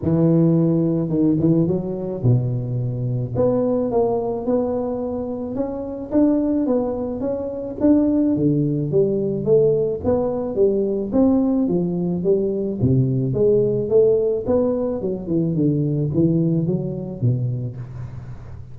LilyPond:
\new Staff \with { instrumentName = "tuba" } { \time 4/4 \tempo 4 = 108 e2 dis8 e8 fis4 | b,2 b4 ais4 | b2 cis'4 d'4 | b4 cis'4 d'4 d4 |
g4 a4 b4 g4 | c'4 f4 g4 c4 | gis4 a4 b4 fis8 e8 | d4 e4 fis4 b,4 | }